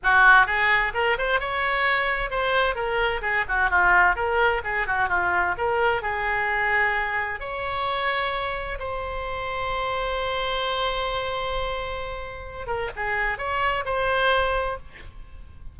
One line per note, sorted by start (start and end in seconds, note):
0.03 0.46 F#4
0.46 0.92 G#4
0.94 1.17 A#4
1.18 1.40 C5
1.40 2.30 C#5
2.30 2.75 C5
2.75 3.21 A#4
3.21 3.44 G#4
3.48 3.69 F#4
3.69 4.15 F4
4.15 4.62 A#4
4.64 4.86 G#4
4.86 5.09 F#4
5.09 5.55 F4
5.57 6.02 A#4
6.02 7.40 G#4
7.40 8.78 C#5
8.79 12.66 C5
12.66 12.90 A#4
12.96 13.38 G#4
13.38 13.84 C#5
13.85 14.77 C5